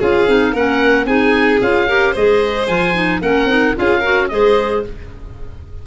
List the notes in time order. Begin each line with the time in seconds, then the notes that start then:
0.00 C#4 F4 G#4 F5
0.28 C4 D#4
0.53 A#3 C#4 A#4 F#5
1.06 C4 D#4 G#4 G#5
1.62 C#4 F4 F5
1.88 G4 A#4
2.12 G#3 G#4 C5 D#5
2.68 F3 F4 G#5
2.94 D#4
3.22 A#3 C#4 A#4 F#5
3.46 C4 D#4
3.76 C#4 F4 G#4 F5
4.00 F#4 A#4
4.29 G#3 G#4 C5 D#5